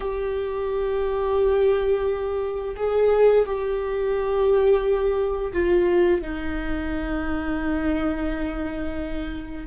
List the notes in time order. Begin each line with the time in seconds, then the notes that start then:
0.00 G4
2.76 G#4
3.45 G4
5.52 F4
6.21 D#4